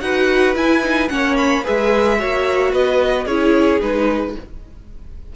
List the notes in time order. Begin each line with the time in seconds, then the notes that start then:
0.00 D#4 F#4 B4 F#5
0.55 E4 G#5
0.83 D#4
1.08 A#3 C#4 C#5 F#5
1.37 B5
1.63 G#3 G#4 B4 E5
2.18 A#3 F#4 C#5
2.71 B3 B4 D#5
3.24 C#4 E4 G#4 C#5
3.81 G#3 D#4 B4